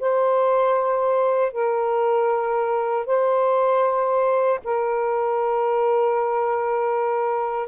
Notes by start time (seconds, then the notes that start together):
0.00 C5
1.52 A#4
3.06 C5
4.64 A#4